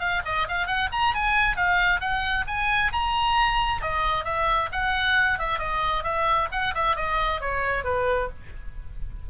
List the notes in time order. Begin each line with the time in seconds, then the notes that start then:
0.00 F5
0.26 D#5
0.49 F5
0.67 F#5
0.92 A#5
1.15 G#5
1.57 F5
2.01 F#5
2.47 G#5
2.92 A#5
3.82 D#5
4.25 E5
4.72 F#5
5.39 E5
5.59 D#5
6.04 E5
6.52 F#5
6.75 E5
6.96 D#5
7.41 C#5
7.84 B4